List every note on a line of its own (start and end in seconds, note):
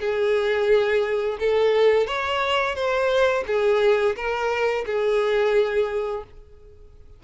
0.00 1.38 G#4
1.40 2.07 A4
2.07 2.75 C#5
2.75 3.44 C5
3.47 4.16 G#4
4.16 4.85 A#4
4.86 6.24 G#4